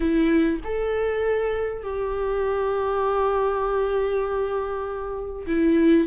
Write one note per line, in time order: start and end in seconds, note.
0.00 0.60 E4
0.64 1.82 A4
1.82 5.46 G4
5.47 6.07 E4